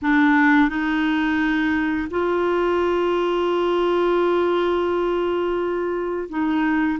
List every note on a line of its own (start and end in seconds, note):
0.02 0.68 D4
0.68 2.08 D#4
2.10 6.29 F4
6.29 6.99 D#4